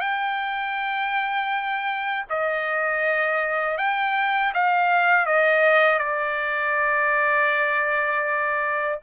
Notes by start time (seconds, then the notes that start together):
0.00 G5
2.29 D#5
3.77 G5
4.53 F5
5.26 D#5
5.99 D5